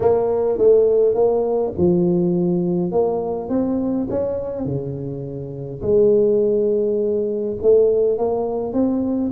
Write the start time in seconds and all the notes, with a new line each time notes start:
0.00 A#3
0.58 A3
1.14 A#3
1.77 F3
2.91 A#3
3.49 C4
4.10 C#4
4.65 C#3
5.82 G#3
7.62 A3
8.18 A#3
8.73 C4